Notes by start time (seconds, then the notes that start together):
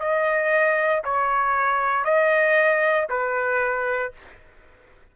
0.00 D#5
1.04 C#5
2.05 D#5
3.09 B4